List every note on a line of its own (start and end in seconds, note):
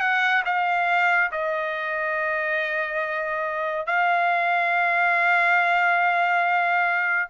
0.00 0.43 F#5
0.45 1.31 F5
1.32 3.86 D#5
3.86 7.29 F5